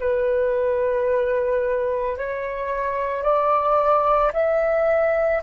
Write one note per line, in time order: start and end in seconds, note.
0.00 2.18 B4
2.18 3.23 C#5
3.23 4.32 D5
4.33 5.42 E5